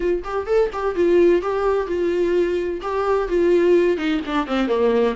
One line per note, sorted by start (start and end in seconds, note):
0.00 0.22 F4
0.23 0.46 G4
0.46 0.69 A4
0.72 0.95 G4
0.95 1.41 F4
1.41 1.86 G4
1.86 2.80 F4
2.81 3.28 G4
3.28 3.97 F4
3.97 4.20 D#4
4.25 4.46 D4
4.46 4.67 C4
4.67 5.14 A#3